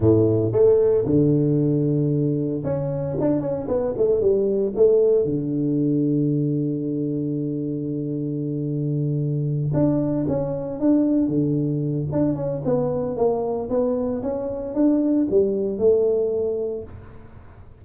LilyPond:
\new Staff \with { instrumentName = "tuba" } { \time 4/4 \tempo 4 = 114 a,4 a4 d2~ | d4 cis'4 d'8 cis'8 b8 a8 | g4 a4 d2~ | d1~ |
d2~ d8 d'4 cis'8~ | cis'8 d'4 d4. d'8 cis'8 | b4 ais4 b4 cis'4 | d'4 g4 a2 | }